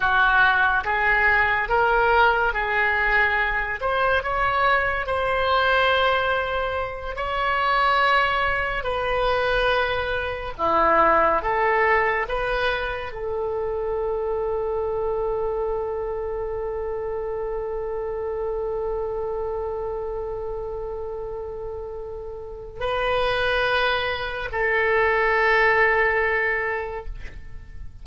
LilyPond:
\new Staff \with { instrumentName = "oboe" } { \time 4/4 \tempo 4 = 71 fis'4 gis'4 ais'4 gis'4~ | gis'8 c''8 cis''4 c''2~ | c''8 cis''2 b'4.~ | b'8 e'4 a'4 b'4 a'8~ |
a'1~ | a'1~ | a'2. b'4~ | b'4 a'2. | }